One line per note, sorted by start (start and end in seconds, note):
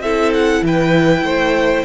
0.00 0.61 C4
0.00 1.86 E4
0.00 0.65 A4
0.00 0.33 E5
0.34 0.65 F#5
0.62 1.23 E3
0.62 1.24 B4
0.62 1.86 G5
1.23 1.84 A3
1.23 1.86 C5